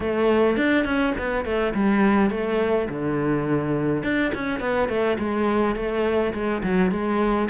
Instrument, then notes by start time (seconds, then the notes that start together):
cello
0.00 A3
0.56 D4
0.84 C#4
1.18 B3
1.44 A3
1.74 G3
2.30 A3
2.89 D3
4.03 D4
4.34 C#4
4.60 B3
4.89 A3
5.18 G#3
5.75 A3
6.33 G#3
6.63 F#3
6.91 G#3